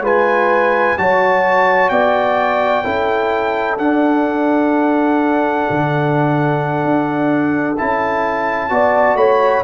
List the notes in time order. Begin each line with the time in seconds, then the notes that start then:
0.00 G#3 F4 B4 G#5
0.98 F#3 F#4 C#5 A5
1.89 B3 D5 G5
2.84 C#4 E4 A4
3.78 D4 F#5
5.70 D3
6.84 D4
7.78 C#4 E4 A5
8.70 B3 F#4 D5
9.15 A3 C#5 B5